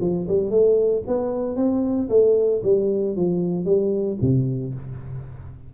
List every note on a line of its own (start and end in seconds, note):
0.00 0.26 F3
0.28 0.50 G3
0.50 1.03 A3
1.07 1.56 B3
1.56 2.08 C4
2.09 2.61 A3
2.63 3.16 G3
3.16 3.65 F3
3.65 4.17 G3
4.21 4.73 C3